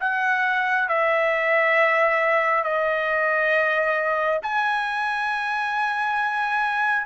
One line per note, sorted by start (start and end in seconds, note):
0.00 0.88 F#5
0.88 2.64 E5
2.64 4.40 D#5
4.42 7.06 G#5